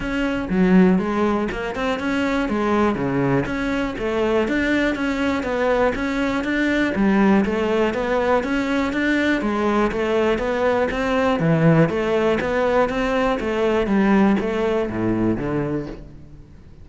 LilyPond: \new Staff \with { instrumentName = "cello" } { \time 4/4 \tempo 4 = 121 cis'4 fis4 gis4 ais8 c'8 | cis'4 gis4 cis4 cis'4 | a4 d'4 cis'4 b4 | cis'4 d'4 g4 a4 |
b4 cis'4 d'4 gis4 | a4 b4 c'4 e4 | a4 b4 c'4 a4 | g4 a4 a,4 d4 | }